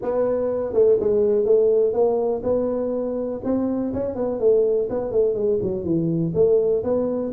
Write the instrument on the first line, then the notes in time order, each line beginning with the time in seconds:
tuba
0.01 B3
0.73 A3
1.00 G#3
1.45 A3
1.93 A#3
2.43 B3
3.43 C4
3.93 C#4
4.15 B3
4.39 A3
4.89 B3
5.11 A3
5.34 G#3
5.61 F#3
5.84 E3
6.34 A3
6.83 B3